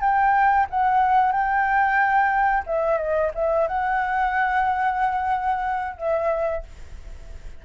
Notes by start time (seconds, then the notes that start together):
0.00 G5
0.70 F#5
1.32 G5
2.66 E5
2.98 D#5
3.34 E5
3.67 F#5
5.97 E5